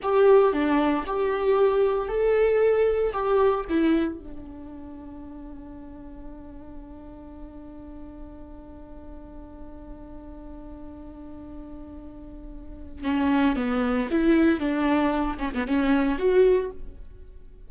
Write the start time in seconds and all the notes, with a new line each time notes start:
0.02 G4
0.52 D4
1.06 G4
2.08 A4
3.12 G4
3.69 E4
4.18 D4
13.03 C#4
13.56 B3
14.11 E4
14.59 D4
15.39 C#4
15.54 B3
15.67 C#4
16.18 F#4